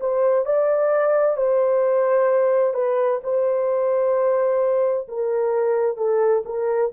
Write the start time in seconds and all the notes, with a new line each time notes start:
0.00 C5
0.45 D5
1.36 C5
2.74 B4
3.23 C5
5.08 A#4
5.97 A4
6.45 A#4